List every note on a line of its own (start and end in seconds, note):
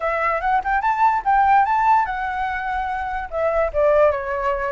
0.00 0.41 E5
0.41 0.61 F#5
0.64 0.81 G5
0.81 1.22 A5
1.24 1.65 G5
1.65 2.05 A5
2.05 3.28 F#5
3.30 3.71 E5
3.73 4.11 D5
4.11 4.72 C#5